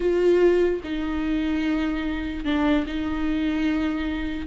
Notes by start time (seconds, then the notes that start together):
0.00 F4
0.83 D#4
2.44 D4
2.87 D#4